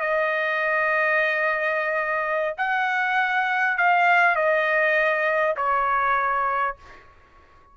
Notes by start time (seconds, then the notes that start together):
0.00 D#5
2.57 F#5
3.77 F5
4.35 D#5
5.56 C#5